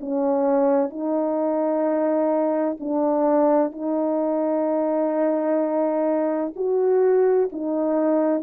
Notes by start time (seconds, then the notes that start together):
0.00 C#4
0.89 D#4
2.80 D4
3.72 D#4
6.55 F#4
7.52 D#4